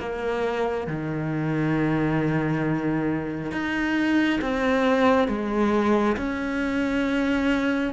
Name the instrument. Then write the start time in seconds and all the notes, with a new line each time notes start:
cello
0.00 A#3
0.88 D#3
3.52 D#4
4.42 C4
5.29 G#3
6.17 C#4